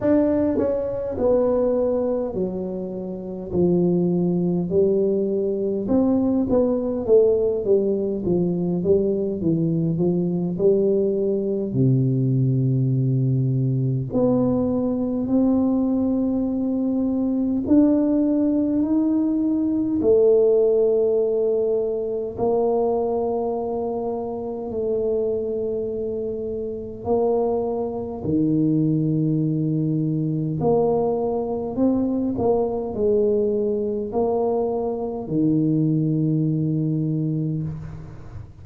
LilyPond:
\new Staff \with { instrumentName = "tuba" } { \time 4/4 \tempo 4 = 51 d'8 cis'8 b4 fis4 f4 | g4 c'8 b8 a8 g8 f8 g8 | e8 f8 g4 c2 | b4 c'2 d'4 |
dis'4 a2 ais4~ | ais4 a2 ais4 | dis2 ais4 c'8 ais8 | gis4 ais4 dis2 | }